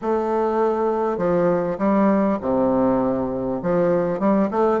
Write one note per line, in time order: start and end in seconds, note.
0.01 1.17 A3
1.17 1.77 F3
1.78 2.38 G3
2.41 3.61 C3
3.62 4.19 F3
4.19 4.49 G3
4.50 4.80 A3